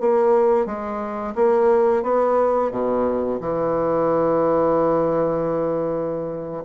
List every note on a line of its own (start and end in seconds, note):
0.00 0.65 A#3
0.65 1.34 G#3
1.35 2.03 A#3
2.03 2.71 B3
2.71 3.39 B2
3.40 6.64 E3